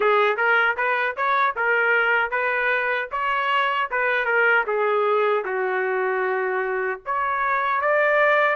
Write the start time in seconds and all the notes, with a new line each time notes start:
0.00 G#4
0.36 A#4
0.77 B4
1.16 C#5
1.56 A#4
2.30 B4
3.11 C#5
3.91 B4
4.25 A#4
4.66 G#4
5.44 F#4
7.05 C#5
7.81 D5